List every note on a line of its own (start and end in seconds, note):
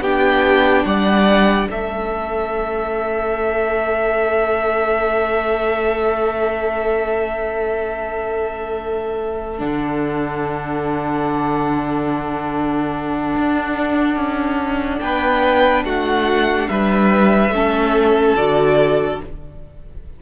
0.00 0.83 B3
0.00 1.68 D4
0.00 0.85 G4
0.00 0.85 G5
0.85 1.68 G3
0.85 1.68 D5
0.85 1.68 F#5
1.68 9.60 A3
1.68 9.58 C#4
1.68 15.02 A4
1.68 9.60 E5
9.58 13.35 D3
9.58 17.49 D4
9.58 14.99 F#5
13.36 14.16 D4
14.16 14.99 C#4
14.99 15.84 B3
14.99 15.85 B4
14.99 15.82 G5
15.84 16.67 A3
15.84 16.68 F#4
15.84 16.68 F#5
16.68 17.49 G3
16.68 17.53 B4
16.68 18.34 E5
17.49 18.32 A3
17.49 18.37 C#4
17.49 19.22 A4
18.36 19.20 D3
18.36 19.21 F#4
18.36 19.19 D5